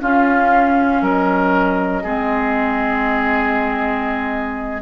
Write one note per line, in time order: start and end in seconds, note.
0.00 2.03 C#4
0.00 1.02 C#4
0.00 1.02 F4
0.00 1.03 F5
1.02 2.03 F#3
1.02 2.03 A#4
1.02 4.82 D#5
2.03 4.82 G#3
2.03 4.82 C4
2.03 4.82 G#4